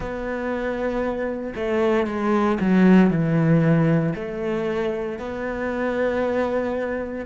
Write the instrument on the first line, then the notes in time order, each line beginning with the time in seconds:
cello
0.00 B3
1.55 A3
2.06 G#3
2.60 F#3
3.10 E3
4.15 A3
5.19 B3